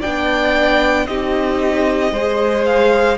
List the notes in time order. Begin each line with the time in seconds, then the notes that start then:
0.00 B3 D4 D5 G5
1.06 C4 D#4 G4 D#5
2.11 G#3 G#4 C5
2.65 F5